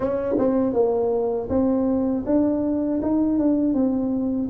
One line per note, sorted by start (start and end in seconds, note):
0.00 0.35 C#4
0.38 0.73 C4
0.73 1.48 A#3
1.49 2.24 C4
2.25 3.00 D4
3.01 3.39 D#4
3.39 3.73 D4
3.73 4.48 C4